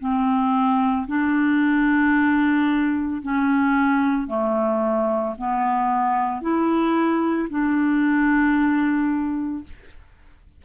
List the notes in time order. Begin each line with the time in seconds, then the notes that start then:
0.00 C4
1.08 D4
3.22 C#4
4.28 A3
5.38 B3
6.41 E4
7.50 D4